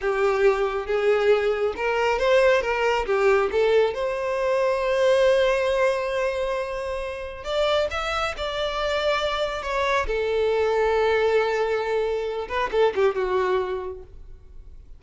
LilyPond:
\new Staff \with { instrumentName = "violin" } { \time 4/4 \tempo 4 = 137 g'2 gis'2 | ais'4 c''4 ais'4 g'4 | a'4 c''2.~ | c''1~ |
c''4 d''4 e''4 d''4~ | d''2 cis''4 a'4~ | a'1~ | a'8 b'8 a'8 g'8 fis'2 | }